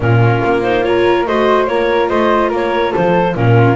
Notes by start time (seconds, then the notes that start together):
0.00 A#2 C#4 F4 A#4
0.44 A#3
0.62 D#4 C5
0.83 F4 A#4 C#5
1.26 A3 F#4 C5 D#5
1.66 A#3 F4 A#4 C#5
2.09 A3 C5 D#5
2.49 A#3 A#4
2.55 C#5
2.91 F3 A4 C5
3.35 A#2 C#4 F4 A#4